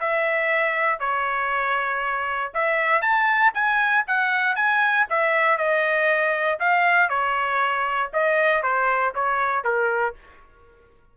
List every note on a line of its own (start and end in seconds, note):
0.00 0.99 E5
0.99 2.52 C#5
2.54 3.02 E5
3.02 3.52 A5
3.54 4.05 G#5
4.07 4.56 F#5
4.56 5.07 G#5
5.10 5.57 E5
5.57 6.59 D#5
6.60 7.09 F5
7.09 8.11 C#5
8.13 8.63 D#5
8.63 9.14 C5
9.15 9.64 C#5
9.64 10.15 A#4